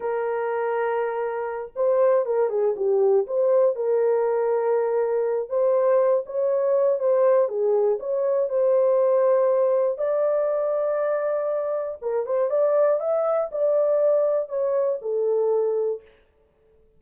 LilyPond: \new Staff \with { instrumentName = "horn" } { \time 4/4 \tempo 4 = 120 ais'2.~ ais'8 c''8~ | c''8 ais'8 gis'8 g'4 c''4 ais'8~ | ais'2. c''4~ | c''8 cis''4. c''4 gis'4 |
cis''4 c''2. | d''1 | ais'8 c''8 d''4 e''4 d''4~ | d''4 cis''4 a'2 | }